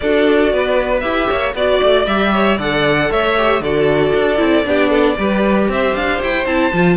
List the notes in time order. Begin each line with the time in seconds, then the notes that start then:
0.00 D4 F#4 A4 D5
0.52 B3 B4
1.00 E4 G4 E5
1.28 A#3 C#5
1.54 B3 F#4 D5
1.83 A3
2.06 G3 G4 E5
2.33 C#5
2.57 D3 A4 D5 F#5
3.09 A3 C#5 E5
3.37 G4
3.60 D3 F#4 A4 D5
4.13 D4
4.37 C4 E4
4.65 B3 D4 G4
4.89 A4
5.16 G3 G4 B4
5.68 C4 C5 E5
5.95 D4 F5
6.21 E4 G5
6.46 C4 E4 A5
6.72 F3 F4